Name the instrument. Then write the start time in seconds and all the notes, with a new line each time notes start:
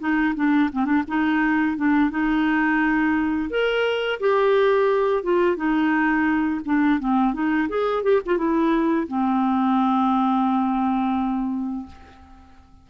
clarinet
0.00 D#4
0.36 D4
0.73 C4
0.86 D4
1.08 D#4
1.77 D4
2.11 D#4
3.50 A#4
4.20 G4
5.23 F4
5.57 D#4
6.66 D4
7.00 C4
7.34 D#4
7.69 G#4
8.04 G4
8.26 F4
8.38 E4
9.08 C4